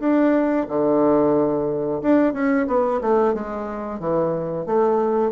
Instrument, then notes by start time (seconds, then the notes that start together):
bassoon
0.00 D4
0.69 D3
2.02 D4
2.34 C#4
2.68 B3
3.02 A3
3.34 G#3
4.00 E3
4.67 A3